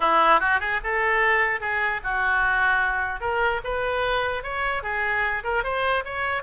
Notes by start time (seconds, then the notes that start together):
0.00 E4
0.40 F#4
0.60 G#4
0.83 A4
1.60 G#4
2.03 F#4
3.20 A#4
3.64 B4
4.43 C#5
4.82 G#4
5.43 A#4
5.63 C5
6.04 C#5